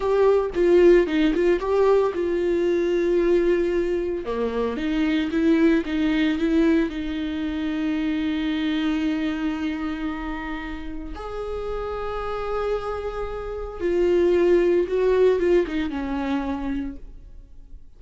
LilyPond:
\new Staff \with { instrumentName = "viola" } { \time 4/4 \tempo 4 = 113 g'4 f'4 dis'8 f'8 g'4 | f'1 | ais4 dis'4 e'4 dis'4 | e'4 dis'2.~ |
dis'1~ | dis'4 gis'2.~ | gis'2 f'2 | fis'4 f'8 dis'8 cis'2 | }